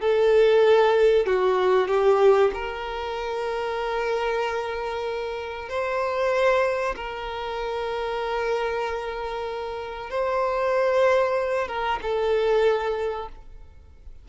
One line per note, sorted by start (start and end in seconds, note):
0.00 1.26 A4
1.26 1.87 F#4
1.87 2.51 G4
2.53 5.68 A#4
5.68 6.95 C5
6.96 10.10 A#4
10.10 11.67 C5
11.67 11.99 A#4
12.02 13.28 A4